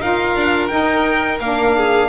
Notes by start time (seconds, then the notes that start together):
0.00 D#4 F4 A#4 F5
0.36 D4
0.67 D#4 G5
1.40 A#3 D4 F5
1.76 G#4